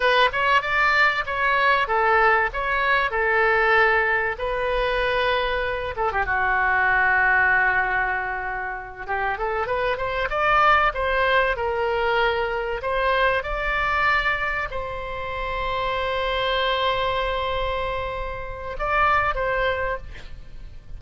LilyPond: \new Staff \with { instrumentName = "oboe" } { \time 4/4 \tempo 4 = 96 b'8 cis''8 d''4 cis''4 a'4 | cis''4 a'2 b'4~ | b'4. a'16 g'16 fis'2~ | fis'2~ fis'8 g'8 a'8 b'8 |
c''8 d''4 c''4 ais'4.~ | ais'8 c''4 d''2 c''8~ | c''1~ | c''2 d''4 c''4 | }